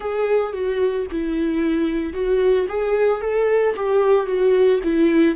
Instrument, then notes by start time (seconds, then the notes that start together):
viola
0.00 G#4
0.52 F#4
1.11 E4
2.13 F#4
2.68 G#4
3.21 A4
3.75 G4
4.26 F#4
4.83 E4